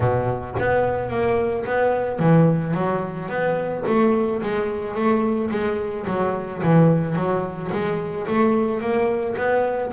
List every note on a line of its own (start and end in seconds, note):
0.00 0.55 B2
0.59 1.10 B3
1.10 1.65 A#3
1.65 2.19 B3
2.19 2.73 E3
2.73 3.28 F#3
3.28 3.83 B3
3.86 4.41 A3
4.42 4.94 G#3
4.94 5.49 A3
5.50 6.06 G#3
6.07 6.62 F#3
6.62 7.15 E3
7.15 7.70 F#3
7.71 8.26 G#3
8.27 8.80 A3
8.80 9.35 A#3
9.37 9.92 B3